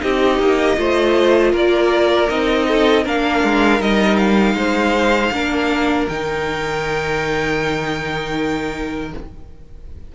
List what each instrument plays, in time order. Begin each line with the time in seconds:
0.00 cello C4, viola D#4, violin G4 D#5
0.39 cello A#3
0.76 cello A3, viola F4, violin C5
1.52 cello A#3, violin A#4 D5
2.28 cello C4, viola D#4, violin D#5
2.68 violin A4
3.03 cello A#3, viola D4, violin A#4 F5
3.43 cello G#3
3.79 cello G3, viola D#4, violin D#5
4.16 violin F5
4.54 cello G#3, violin C5
5.31 cello A#3, viola D4, violin A#4
6.08 cello D#3, viola D#4, violin G5